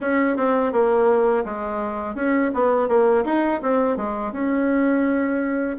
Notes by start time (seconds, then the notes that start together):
0.00 C#4
0.36 C4
0.72 A#3
1.44 G#3
2.15 C#4
2.54 B3
2.88 A#3
3.25 D#4
3.61 C4
3.97 G#3
4.32 C#4